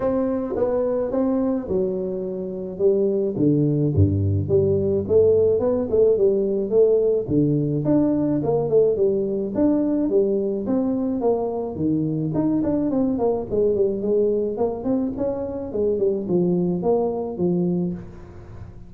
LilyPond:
\new Staff \with { instrumentName = "tuba" } { \time 4/4 \tempo 4 = 107 c'4 b4 c'4 fis4~ | fis4 g4 d4 g,4 | g4 a4 b8 a8 g4 | a4 d4 d'4 ais8 a8 |
g4 d'4 g4 c'4 | ais4 dis4 dis'8 d'8 c'8 ais8 | gis8 g8 gis4 ais8 c'8 cis'4 | gis8 g8 f4 ais4 f4 | }